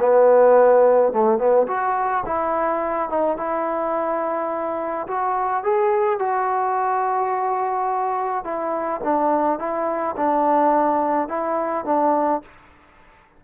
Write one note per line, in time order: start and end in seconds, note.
0.00 1.13 B3
1.13 1.38 A3
1.38 1.67 B3
1.67 2.24 F#4
2.26 3.10 E4
3.10 3.37 D#4
3.37 5.07 E4
5.08 5.64 F#4
5.64 6.19 G#4
6.19 8.45 F#4
8.45 9.01 E4
9.04 9.59 D4
9.59 10.16 E4
10.17 11.28 D4
11.28 11.85 E4
11.85 12.42 D4